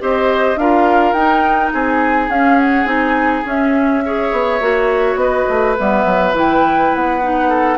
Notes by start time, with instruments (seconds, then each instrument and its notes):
0.00 bassoon C4, clarinet G4, oboe C5, flute D#5
0.56 bassoon D4, clarinet F4, oboe A#4, flute F5
1.13 bassoon D#4, clarinet D#4, flute G5
1.74 bassoon C4, oboe G#4, flute G#5
2.30 bassoon C#4, clarinet C#4, flute F5
2.59 flute F#5
2.86 bassoon C4, clarinet D#4, flute G#5
3.45 bassoon C#4, clarinet C#4, flute E5
4.06 clarinet G#4, oboe C#5
4.33 bassoon B3
4.61 bassoon A#3, clarinet F#4
5.16 bassoon B3, oboe B4, flute D#5
5.49 bassoon A3
5.79 bassoon G3, clarinet B3, flute E5
6.05 bassoon F#3
6.33 bassoon E3, clarinet E4, flute G5
6.95 bassoon B3, flute F#5
7.22 clarinet D#4
7.49 oboe A4